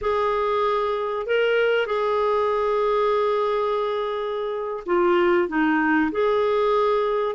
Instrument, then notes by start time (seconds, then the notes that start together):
clarinet
0.01 G#4
1.26 A#4
1.86 G#4
4.86 F4
5.48 D#4
6.11 G#4